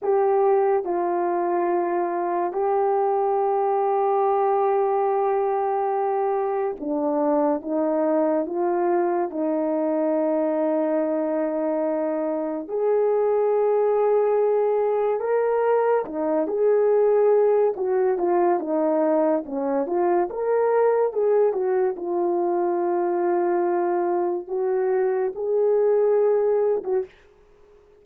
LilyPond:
\new Staff \with { instrumentName = "horn" } { \time 4/4 \tempo 4 = 71 g'4 f'2 g'4~ | g'1 | d'4 dis'4 f'4 dis'4~ | dis'2. gis'4~ |
gis'2 ais'4 dis'8 gis'8~ | gis'4 fis'8 f'8 dis'4 cis'8 f'8 | ais'4 gis'8 fis'8 f'2~ | f'4 fis'4 gis'4.~ gis'16 fis'16 | }